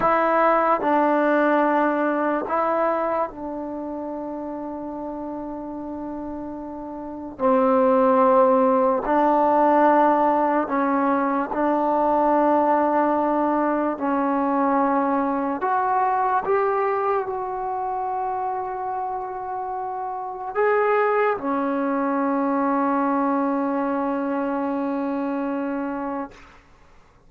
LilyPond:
\new Staff \with { instrumentName = "trombone" } { \time 4/4 \tempo 4 = 73 e'4 d'2 e'4 | d'1~ | d'4 c'2 d'4~ | d'4 cis'4 d'2~ |
d'4 cis'2 fis'4 | g'4 fis'2.~ | fis'4 gis'4 cis'2~ | cis'1 | }